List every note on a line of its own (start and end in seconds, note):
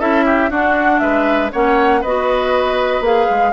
0.00 0.50 C#4
0.00 0.51 E4
0.00 0.25 A4
0.00 0.51 E5
0.26 0.51 G4
0.50 1.01 D4
0.50 1.53 D4
0.50 1.01 F#4
0.50 0.99 F#5
0.99 1.52 G#3
0.99 1.52 B4
0.99 1.50 E5
1.52 2.04 A#3
1.52 2.04 C#4
1.52 2.01 C#5
1.52 2.03 F#5
2.01 3.01 B3
2.01 3.04 F#4
2.01 3.52 B4
2.01 3.04 D#5
3.01 3.26 A#3
3.01 3.53 G#4
3.01 3.53 F5
3.30 3.53 G#3